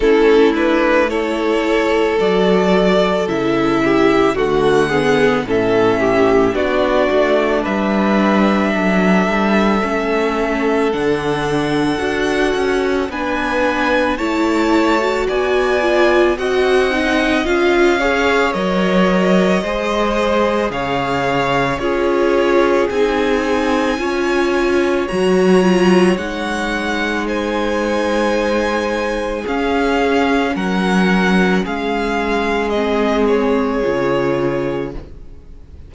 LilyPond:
<<
  \new Staff \with { instrumentName = "violin" } { \time 4/4 \tempo 4 = 55 a'8 b'8 cis''4 d''4 e''4 | fis''4 e''4 d''4 e''4~ | e''2 fis''2 | gis''4 a''4 gis''4 fis''4 |
f''4 dis''2 f''4 | cis''4 gis''2 ais''4 | fis''4 gis''2 f''4 | fis''4 f''4 dis''8 cis''4. | }
  \new Staff \with { instrumentName = "violin" } { \time 4/4 e'4 a'2~ a'8 g'8 | fis'8 gis'8 a'8 g'8 fis'4 b'4 | a'1 | b'4 cis''4 d''4 dis''4~ |
dis''8 cis''4. c''4 cis''4 | gis'2 cis''2~ | cis''4 c''2 gis'4 | ais'4 gis'2. | }
  \new Staff \with { instrumentName = "viola" } { \time 4/4 cis'8 d'8 e'4 fis'4 e'4 | a8 b8 cis'4 d'2~ | d'4 cis'4 d'4 fis'4 | d'4 e'8. fis'8. f'8 fis'8 dis'8 |
f'8 gis'8 ais'4 gis'2 | f'4 dis'4 f'4 fis'8 f'8 | dis'2. cis'4~ | cis'2 c'4 f'4 | }
  \new Staff \with { instrumentName = "cello" } { \time 4/4 a2 fis4 cis4 | d4 a,4 b8 a8 g4 | fis8 g8 a4 d4 d'8 cis'8 | b4 a4 b4 c'4 |
cis'4 fis4 gis4 cis4 | cis'4 c'4 cis'4 fis4 | gis2. cis'4 | fis4 gis2 cis4 | }
>>